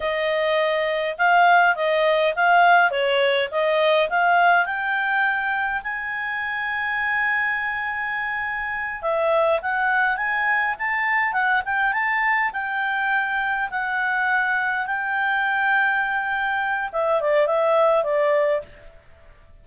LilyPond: \new Staff \with { instrumentName = "clarinet" } { \time 4/4 \tempo 4 = 103 dis''2 f''4 dis''4 | f''4 cis''4 dis''4 f''4 | g''2 gis''2~ | gis''2.~ gis''8 e''8~ |
e''8 fis''4 gis''4 a''4 fis''8 | g''8 a''4 g''2 fis''8~ | fis''4. g''2~ g''8~ | g''4 e''8 d''8 e''4 d''4 | }